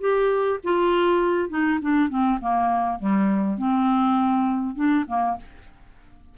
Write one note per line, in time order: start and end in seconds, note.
0.00 0.59 G4
0.64 1.49 F4
1.49 1.79 D#4
1.81 2.09 D4
2.09 2.39 C4
2.41 2.99 A#3
2.99 3.58 G3
3.58 4.75 C4
4.75 5.05 D4
5.07 5.37 A#3